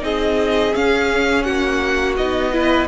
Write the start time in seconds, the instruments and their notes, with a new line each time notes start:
0.00 cello C4, viola D#4, violin G#4 D#5
0.74 viola C#4, cello C#4, violin F5
1.43 cello A#3, violin F#4 F#5
2.17 cello B3, viola D#4, violin D#5
2.53 viola E4, violin B4